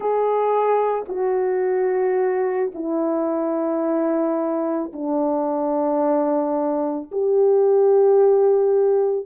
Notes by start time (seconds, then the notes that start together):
0.00 G#4
1.08 F#4
2.74 E4
4.92 D4
7.11 G4